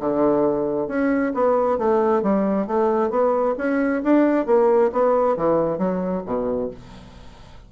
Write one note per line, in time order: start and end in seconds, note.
0.00 0.88 D3
0.88 1.33 C#4
1.34 1.78 B3
1.78 2.23 A3
2.23 2.67 G3
2.67 3.10 A3
3.10 3.55 B3
3.58 4.03 C#4
4.04 4.47 D4
4.47 4.91 A#3
4.92 5.37 B3
5.37 5.78 E3
5.78 6.23 F#3
6.26 6.71 B2